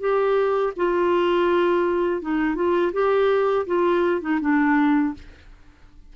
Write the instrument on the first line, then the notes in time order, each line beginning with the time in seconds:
clarinet
0.00 G4
0.76 F4
2.22 D#4
2.55 F4
2.93 G4
3.66 F4
4.21 D#4
4.41 D4